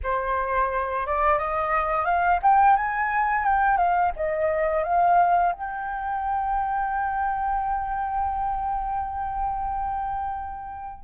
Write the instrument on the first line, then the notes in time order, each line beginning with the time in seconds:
flute
0.03 C5
1.06 D5
1.38 D#5
2.05 F5
2.42 G5
2.76 G#5
3.44 G5
3.77 F5
4.16 D#5
4.83 F5
5.52 G5